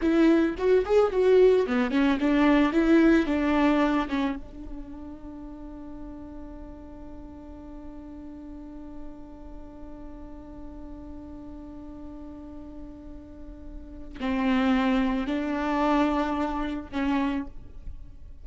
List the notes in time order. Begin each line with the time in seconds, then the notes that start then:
0.01 E4
0.57 F#4
0.85 G#4
1.11 F#4
1.66 B3
1.91 C#4
2.20 D4
2.72 E4
3.26 D4
4.08 C#4
4.36 D4
14.20 C4
15.27 D4
16.92 C#4